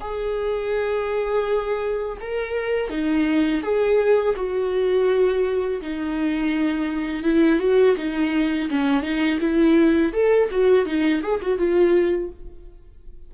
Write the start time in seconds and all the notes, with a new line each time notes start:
0.00 G#4
2.20 A#4
2.89 D#4
3.62 G#4
4.36 F#4
5.81 D#4
7.23 E4
7.59 F#4
7.96 D#4
8.70 C#4
9.02 D#4
9.40 E4
10.13 A4
10.50 F#4
10.85 D#4
11.22 G#4
11.41 F#4
11.58 F4